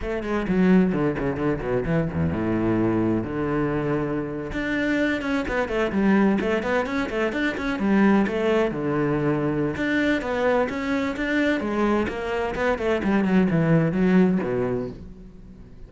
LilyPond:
\new Staff \with { instrumentName = "cello" } { \time 4/4 \tempo 4 = 129 a8 gis8 fis4 d8 cis8 d8 b,8 | e8 e,8 a,2 d4~ | d4.~ d16 d'4. cis'8 b16~ | b16 a8 g4 a8 b8 cis'8 a8 d'16~ |
d'16 cis'8 g4 a4 d4~ d16~ | d4 d'4 b4 cis'4 | d'4 gis4 ais4 b8 a8 | g8 fis8 e4 fis4 b,4 | }